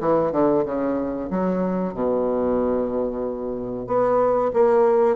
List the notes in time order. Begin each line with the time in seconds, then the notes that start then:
0.00 E3
0.32 D3
0.65 C#3
1.30 F#3
1.94 B2
3.87 B3
4.53 A#3